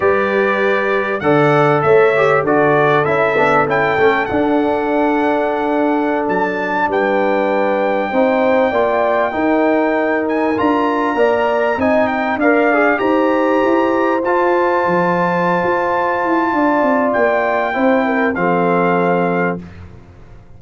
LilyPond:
<<
  \new Staff \with { instrumentName = "trumpet" } { \time 4/4 \tempo 4 = 98 d''2 fis''4 e''4 | d''4 e''4 g''4 fis''4~ | fis''2~ fis''16 a''4 g''8.~ | g''1~ |
g''8. gis''8 ais''2 gis''8 g''16~ | g''16 f''4 ais''2 a''8.~ | a''1 | g''2 f''2 | }
  \new Staff \with { instrumentName = "horn" } { \time 4/4 b'2 d''4 cis''4 | a'1~ | a'2.~ a'16 b'8.~ | b'4~ b'16 c''4 d''4 ais'8.~ |
ais'2~ ais'16 d''4 dis''8.~ | dis''16 d''4 c''2~ c''8.~ | c''2. d''4~ | d''4 c''8 ais'8 a'2 | }
  \new Staff \with { instrumentName = "trombone" } { \time 4/4 g'2 a'4. g'8 | fis'4 e'8 d'8 e'8 cis'8 d'4~ | d'1~ | d'4~ d'16 dis'4 f'4 dis'8.~ |
dis'4~ dis'16 f'4 ais'4 dis'8.~ | dis'16 ais'8 gis'8 g'2 f'8.~ | f'1~ | f'4 e'4 c'2 | }
  \new Staff \with { instrumentName = "tuba" } { \time 4/4 g2 d4 a4 | d4 cis'8 b8 cis'8 a8 d'4~ | d'2~ d'16 fis4 g8.~ | g4~ g16 c'4 ais4 dis'8.~ |
dis'4~ dis'16 d'4 ais4 c'8.~ | c'16 d'4 dis'4 e'4 f'8.~ | f'16 f4~ f16 f'4 e'8 d'8 c'8 | ais4 c'4 f2 | }
>>